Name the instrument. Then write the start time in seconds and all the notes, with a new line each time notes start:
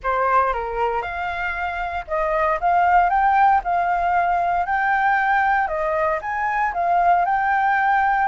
flute
0.03 C5
0.53 A#4
1.02 F5
2.07 D#5
2.60 F5
3.09 G5
3.64 F5
4.66 G5
5.67 D#5
6.21 G#5
6.73 F5
7.25 G5